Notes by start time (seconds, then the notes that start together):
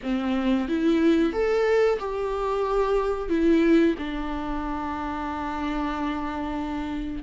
0.02 C4
0.68 E4
1.32 A4
1.99 G4
3.29 E4
3.98 D4